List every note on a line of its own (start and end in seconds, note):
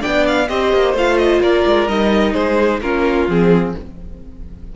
0.00 0.49 B3
0.00 0.47 D4
0.00 0.47 D5
0.00 0.26 G5
0.27 0.48 F5
0.48 0.73 C4
0.48 0.95 G4
0.48 1.42 C5
0.48 0.95 D#5
0.73 0.94 A#3
0.94 1.40 A3
0.94 1.89 F4
0.94 1.18 F5
1.18 1.41 D#5
1.41 1.64 A#3
1.41 2.33 A#4
1.41 1.88 D5
1.66 1.88 G#3
1.88 2.34 G3
1.88 2.82 D#4
1.88 2.34 D#5
2.33 2.81 G#3
2.33 2.80 G#4
2.33 2.80 C5
2.81 3.27 A#3
2.81 3.29 C#4
2.81 3.75 F4
2.81 3.28 A#4
3.28 3.74 F3
3.28 3.75 C4
3.28 3.76 G#4